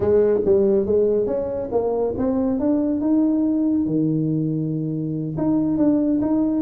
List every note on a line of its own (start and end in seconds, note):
0.00 0.40 G#3
0.45 0.86 G3
0.86 1.26 G#3
1.26 1.69 C#4
1.71 2.14 A#3
2.17 2.59 C4
2.59 3.00 D4
3.00 3.86 D#4
3.86 5.36 D#3
5.37 5.77 D#4
5.77 6.20 D4
6.21 6.61 D#4